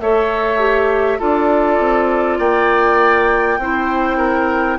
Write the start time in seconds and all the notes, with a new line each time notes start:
0.00 A3 A4 C#5 E5
0.59 G4
1.18 D4 F4 A4 D5
1.79 C4
2.38 A#3 D5 G5
3.58 C4 E4 C5
4.17 A#4